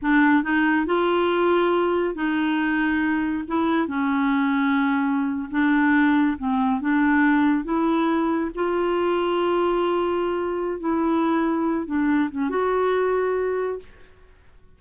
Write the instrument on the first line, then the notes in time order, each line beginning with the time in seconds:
clarinet
0.01 D4
0.43 D#4
0.86 F4
2.15 D#4
3.47 E4
3.87 C#4
5.50 D4
6.38 C4
6.80 D4
7.64 E4
8.54 F4
10.80 E4
11.86 D4
12.30 C#4
12.49 F#4